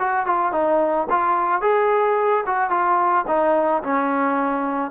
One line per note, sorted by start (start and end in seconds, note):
0.00 0.27 F#4
0.27 0.53 F4
0.53 1.08 D#4
1.10 1.62 F4
1.62 2.44 G#4
2.46 2.71 F#4
2.71 3.26 F4
3.28 3.83 D#4
3.83 4.91 C#4